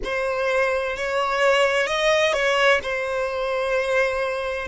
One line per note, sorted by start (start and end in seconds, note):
0.04 0.96 C5
0.96 1.86 C#5
1.86 2.33 D#5
2.33 2.80 C#5
2.83 4.67 C5